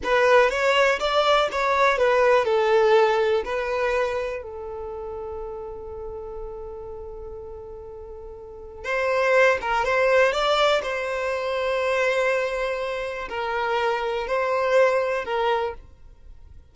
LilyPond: \new Staff \with { instrumentName = "violin" } { \time 4/4 \tempo 4 = 122 b'4 cis''4 d''4 cis''4 | b'4 a'2 b'4~ | b'4 a'2.~ | a'1~ |
a'2 c''4. ais'8 | c''4 d''4 c''2~ | c''2. ais'4~ | ais'4 c''2 ais'4 | }